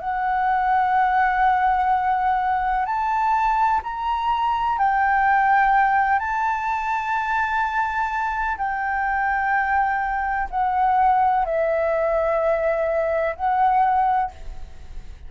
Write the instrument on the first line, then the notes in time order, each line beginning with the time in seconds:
flute
0.00 F#5
2.85 A5
3.83 A#5
4.78 G5
6.19 A5
8.58 G5
10.50 F#5
11.45 E5
13.36 F#5